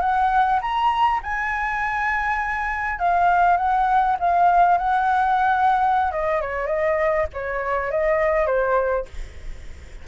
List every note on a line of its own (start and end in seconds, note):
0.00 0.59 F#5
0.61 1.20 A#5
1.23 2.99 G#5
2.99 3.57 F5
3.57 4.16 F#5
4.19 4.77 F5
4.77 6.11 F#5
6.11 6.41 D#5
6.41 6.66 C#5
6.66 7.26 D#5
7.33 7.91 C#5
7.91 8.46 D#5
8.46 9.05 C5